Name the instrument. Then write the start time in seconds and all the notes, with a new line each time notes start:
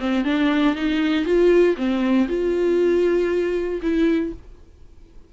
viola
0.00 C4
0.25 D4
0.76 D#4
1.26 F4
1.77 C4
2.29 F4
3.82 E4